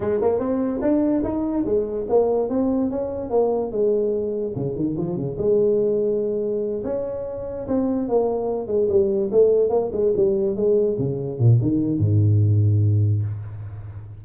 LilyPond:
\new Staff \with { instrumentName = "tuba" } { \time 4/4 \tempo 4 = 145 gis8 ais8 c'4 d'4 dis'4 | gis4 ais4 c'4 cis'4 | ais4 gis2 cis8 dis8 | f8 cis8 gis2.~ |
gis8 cis'2 c'4 ais8~ | ais4 gis8 g4 a4 ais8 | gis8 g4 gis4 cis4 ais,8 | dis4 gis,2. | }